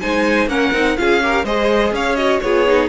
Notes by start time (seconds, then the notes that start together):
0.00 G#3 D#4 C5 G#5
0.47 A#3 C#4 A#4 F#5
0.73 C4 D#4
0.97 C#4 F4 G#4 F5
1.23 G4 A#4
1.44 G#3 G#4 C5 D#5
1.92 C#4 C#5 F5
2.16 F#4 D#5
2.41 B3 F4 G#4 C#5
2.67 D#4